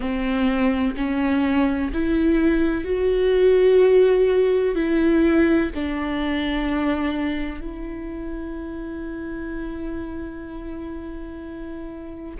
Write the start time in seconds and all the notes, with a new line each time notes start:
0.00 C4
0.96 C#4
1.93 E4
2.84 F#4
4.75 E4
5.74 D4
7.61 E4